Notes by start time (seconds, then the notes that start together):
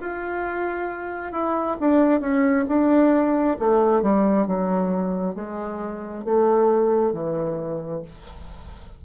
0.00 F4
1.32 E4
1.80 D4
2.20 C#4
2.68 D4
3.59 A3
4.02 G3
4.47 F#3
5.35 G#3
6.24 A3
7.12 E3